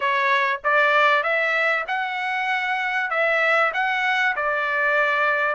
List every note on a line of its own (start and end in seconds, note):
0.00 0.60 C#5
0.64 1.23 D5
1.23 1.84 E5
1.87 3.10 F#5
3.10 3.72 E5
3.73 4.35 F#5
4.36 5.55 D5